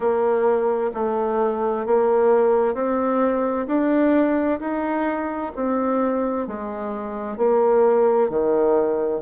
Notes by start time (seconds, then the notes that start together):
0.00 A#3
0.94 A3
1.86 A#3
2.74 C4
3.67 D4
4.59 D#4
5.55 C4
6.47 G#3
7.37 A#3
8.29 D#3